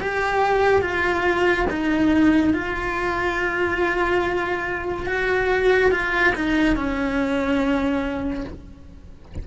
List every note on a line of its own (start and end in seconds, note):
0.00 0.82 G4
0.82 1.66 F4
1.70 2.54 D#4
2.54 5.07 F4
5.07 5.91 F#4
5.91 6.33 F4
6.35 6.76 D#4
6.76 8.45 C#4